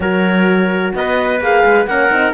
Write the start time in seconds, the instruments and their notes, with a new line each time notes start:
0.00 cello F#3, horn F#4, trumpet A#4, clarinet C#5
0.94 cello B3, trumpet B4, clarinet D#5
1.40 cello A#3, horn G#4, clarinet F5
1.65 cello G#3
1.86 cello A#3, horn C#4, trumpet A#4, clarinet F#5
2.10 cello C4, horn D#4